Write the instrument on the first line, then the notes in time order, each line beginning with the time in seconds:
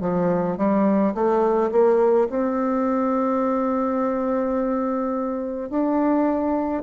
bassoon
0.00 F3
0.57 G3
1.14 A3
1.71 A#3
2.30 C4
5.69 D4